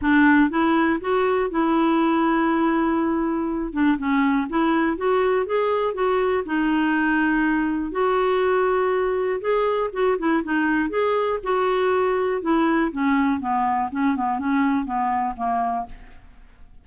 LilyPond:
\new Staff \with { instrumentName = "clarinet" } { \time 4/4 \tempo 4 = 121 d'4 e'4 fis'4 e'4~ | e'2.~ e'8 d'8 | cis'4 e'4 fis'4 gis'4 | fis'4 dis'2. |
fis'2. gis'4 | fis'8 e'8 dis'4 gis'4 fis'4~ | fis'4 e'4 cis'4 b4 | cis'8 b8 cis'4 b4 ais4 | }